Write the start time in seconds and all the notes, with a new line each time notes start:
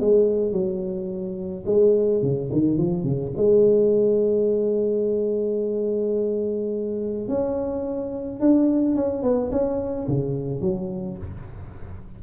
0.00 G#3
0.52 F#3
1.66 G#3
2.22 C#3
2.52 D#3
2.78 F3
3.04 C#3
3.36 G#3
7.28 C#4
8.40 D4
8.95 C#4
9.22 B3
9.51 C#4
10.08 C#3
10.61 F#3